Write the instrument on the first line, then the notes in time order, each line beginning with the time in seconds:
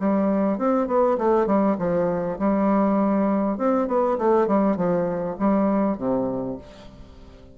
bassoon
0.00 G3
0.58 C4
0.88 B3
1.18 A3
1.47 G3
1.79 F3
2.39 G3
3.58 C4
3.88 B3
4.19 A3
4.48 G3
4.77 F3
5.39 G3
5.98 C3